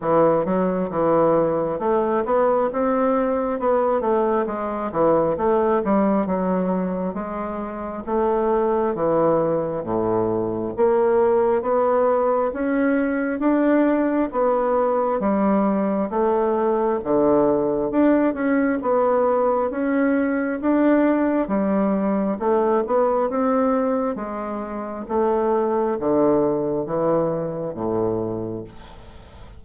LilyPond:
\new Staff \with { instrumentName = "bassoon" } { \time 4/4 \tempo 4 = 67 e8 fis8 e4 a8 b8 c'4 | b8 a8 gis8 e8 a8 g8 fis4 | gis4 a4 e4 a,4 | ais4 b4 cis'4 d'4 |
b4 g4 a4 d4 | d'8 cis'8 b4 cis'4 d'4 | g4 a8 b8 c'4 gis4 | a4 d4 e4 a,4 | }